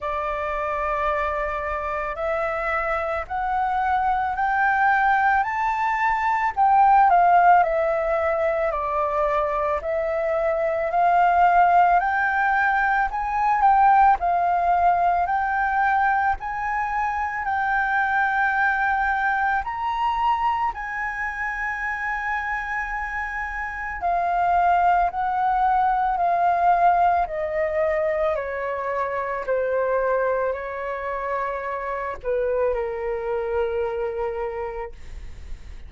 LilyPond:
\new Staff \with { instrumentName = "flute" } { \time 4/4 \tempo 4 = 55 d''2 e''4 fis''4 | g''4 a''4 g''8 f''8 e''4 | d''4 e''4 f''4 g''4 | gis''8 g''8 f''4 g''4 gis''4 |
g''2 ais''4 gis''4~ | gis''2 f''4 fis''4 | f''4 dis''4 cis''4 c''4 | cis''4. b'8 ais'2 | }